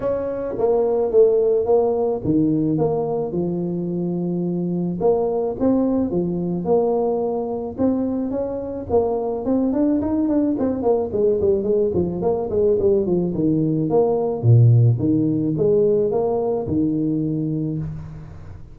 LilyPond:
\new Staff \with { instrumentName = "tuba" } { \time 4/4 \tempo 4 = 108 cis'4 ais4 a4 ais4 | dis4 ais4 f2~ | f4 ais4 c'4 f4 | ais2 c'4 cis'4 |
ais4 c'8 d'8 dis'8 d'8 c'8 ais8 | gis8 g8 gis8 f8 ais8 gis8 g8 f8 | dis4 ais4 ais,4 dis4 | gis4 ais4 dis2 | }